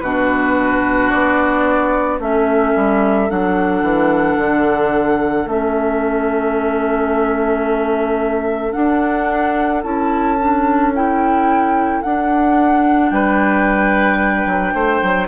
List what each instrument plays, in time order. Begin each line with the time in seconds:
0.00 bassoon B2, clarinet D4, oboe F#4, flute B4
1.09 bassoon B3, flute D5
2.19 bassoon A3, clarinet C#4, oboe A4, flute E5
2.75 bassoon G3
3.29 bassoon F#3, clarinet D4, flute F#5
3.82 bassoon E3
4.37 bassoon D3
5.45 bassoon A3, clarinet C#4, flute E5
8.72 clarinet D4, bassoon D4, flute F#5
9.82 bassoon C#4, clarinet E4, flute A5
10.40 clarinet D4
10.94 clarinet E4, flute G5
12.02 clarinet D4, bassoon D4, flute F#5
13.09 bassoon G3, oboe B4, flute G5
14.45 bassoon F#3
14.73 bassoon A3, oboe C5
15.02 bassoon F#3